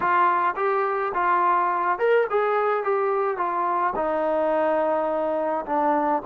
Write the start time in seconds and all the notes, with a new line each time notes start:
0.00 F4
0.56 G4
1.13 F4
1.99 A#4
2.30 G#4
2.83 G4
3.37 F4
3.95 D#4
5.66 D4